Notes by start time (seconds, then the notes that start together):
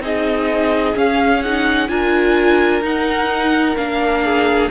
0.00 C4 D#4 G#4 D#5
0.94 C#4 F5
1.43 D#4 F#5
1.88 D4 F4 A#4 G#5
2.82 D#4 F#5
3.77 A#3 D4 F5
4.25 G#4